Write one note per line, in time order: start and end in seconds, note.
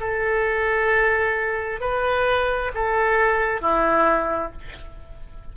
0.00 1.81 A4
1.81 2.72 B4
2.75 3.62 A4
3.62 4.52 E4